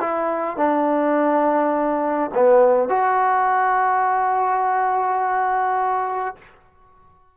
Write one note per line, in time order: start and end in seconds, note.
0.00 0.57 E4
0.57 2.30 D4
2.34 2.89 B3
2.89 6.35 F#4